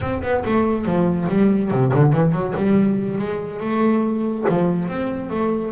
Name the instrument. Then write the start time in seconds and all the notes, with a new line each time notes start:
double bass
0.00 C4
0.22 B3
0.45 A3
0.85 F3
1.28 G3
1.70 C3
1.94 D3
2.13 E3
2.32 F#3
2.56 G3
3.18 G#3
3.60 A3
4.49 F3
4.88 C4
5.29 A3